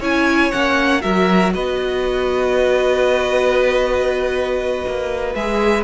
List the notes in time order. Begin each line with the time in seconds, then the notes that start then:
0.00 C#4 E4 C#5 G#5
0.52 A#3 C#4 F#5
1.02 F#3 F#4 A#4 E5
1.54 B3 B4 D#5
4.88 A#3
5.35 G#3 G#4 E5